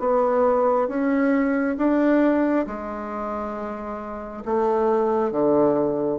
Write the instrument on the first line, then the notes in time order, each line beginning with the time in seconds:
bassoon
0.00 B3
0.89 C#4
1.78 D4
2.67 G#3
4.46 A3
5.32 D3